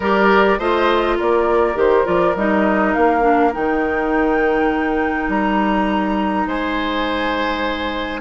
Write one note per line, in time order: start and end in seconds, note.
0.00 0.58 G3
0.00 0.59 G4
0.00 0.58 A#4
0.00 0.59 D5
0.58 1.17 A3
0.58 1.75 F4
0.58 1.17 C5
0.58 1.18 D#5
1.17 1.75 A#3
1.17 6.47 A#4
1.17 1.78 D5
1.75 2.04 D#3
1.75 2.04 G4
1.75 2.06 C5
2.04 2.35 F3
2.04 2.34 F4
2.04 2.35 D5
2.35 2.94 G3
2.35 3.21 D#4
2.35 2.93 D#5
2.93 3.55 A#3
2.93 3.52 F5
3.21 3.50 D4
3.52 5.28 D#3
3.52 8.20 D#4
3.52 5.30 G5
5.28 6.46 G3
5.28 6.47 A#5
6.46 8.20 G#3
6.46 8.20 C5
6.46 8.20 G#5